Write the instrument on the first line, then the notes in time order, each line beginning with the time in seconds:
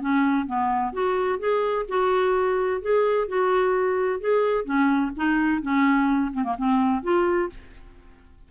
clarinet
0.00 C#4
0.46 B3
0.93 F#4
1.39 G#4
1.88 F#4
2.81 G#4
3.28 F#4
4.20 G#4
4.64 C#4
5.16 D#4
5.62 C#4
6.33 C4
6.44 A#3
6.58 C4
7.03 F4